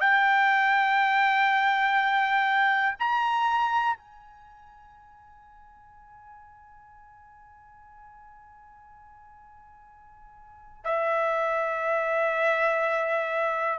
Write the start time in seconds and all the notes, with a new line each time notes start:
0.00 G5
2.99 A#5
3.97 G#5
10.84 E5